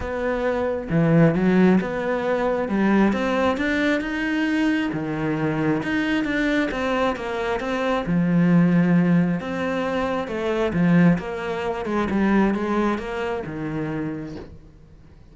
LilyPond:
\new Staff \with { instrumentName = "cello" } { \time 4/4 \tempo 4 = 134 b2 e4 fis4 | b2 g4 c'4 | d'4 dis'2 dis4~ | dis4 dis'4 d'4 c'4 |
ais4 c'4 f2~ | f4 c'2 a4 | f4 ais4. gis8 g4 | gis4 ais4 dis2 | }